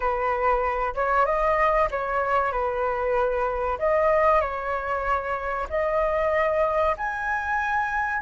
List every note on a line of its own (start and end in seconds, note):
0.00 0.94 B4
0.94 1.25 C#5
1.25 1.88 D#5
1.90 2.52 C#5
2.52 3.78 B4
3.78 4.40 D#5
4.40 5.67 C#5
5.69 6.96 D#5
6.97 8.22 G#5